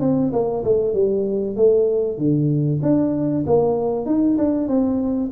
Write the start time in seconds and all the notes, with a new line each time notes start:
0.00 C4
0.32 A#3
0.64 A3
0.93 G3
1.56 A3
2.18 D3
2.82 D4
3.46 A#3
4.05 D#4
4.37 D4
4.68 C4